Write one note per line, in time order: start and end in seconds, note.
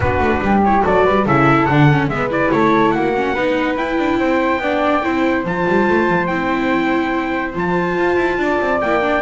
0.00 0.19 B3
0.00 0.65 D4
0.00 0.41 F#4
0.00 0.62 B4
0.19 0.40 A3
0.41 0.83 G3
0.41 0.84 G4
0.64 0.81 E4
0.64 0.85 C#5
0.81 1.07 F#3
0.81 1.23 F#4
0.81 1.04 A4
0.81 1.27 D5
1.04 1.26 G3
1.04 1.25 B4
1.25 1.68 C#3
1.25 1.69 E4
1.25 2.09 A4
1.25 1.65 E5
1.65 2.08 D3
1.65 1.90 D4
1.65 2.07 F#5
1.90 2.11 C#4
2.08 2.50 G#3
2.08 2.30 B3
2.08 2.30 E5
2.14 2.54 B4
2.30 3.14 E4
2.30 2.51 D5
2.51 2.94 A3
2.51 2.94 A4
2.51 2.91 C#5
2.91 3.35 A#3
2.91 3.34 F#4
2.91 3.75 F#5
3.15 3.36 C#4
3.34 3.77 B3
3.34 3.77 D#4
3.34 4.18 B4
3.76 3.98 E4
3.76 4.61 E4
3.76 5.44 G5
3.98 4.19 D4
4.19 4.58 C4
4.19 4.61 C5
4.58 5.00 B3
4.58 5.02 D4
4.58 5.04 D5
5.02 5.44 C4
5.02 5.44 E4
5.02 8.40 C5
5.44 5.65 F3
5.44 6.28 F4
5.44 6.26 A5
5.67 5.88 G3
5.89 6.08 A3
6.08 6.29 F3
6.26 7.55 C4
6.26 7.53 E4
6.26 7.52 G5
7.53 7.97 F3
7.53 8.79 F4
7.53 8.81 A5
7.97 8.16 F4
8.16 8.37 E4
8.38 8.59 D4
8.38 9.21 D5
8.60 8.81 C4
8.81 9.21 A#3
8.81 9.01 E4
8.81 9.21 G5
9.01 9.21 D4